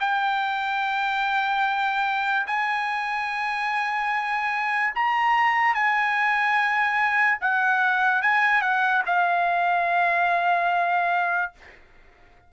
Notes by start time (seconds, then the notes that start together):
0.00 G5
2.47 G#5
4.95 A#5
5.75 G#5
7.41 F#5
8.22 G#5
8.62 F#5
9.06 F5